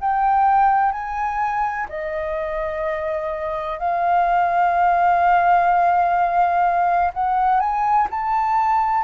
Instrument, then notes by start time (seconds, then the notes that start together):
flute
0.00 G5
0.92 G#5
1.89 D#5
3.79 F5
7.13 F#5
7.60 G#5
8.10 A5